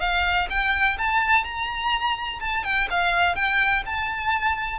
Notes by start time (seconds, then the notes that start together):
0.00 F5
0.50 G5
0.98 A5
1.44 A#5
2.40 A5
2.64 G5
2.90 F5
3.35 G5
3.85 A5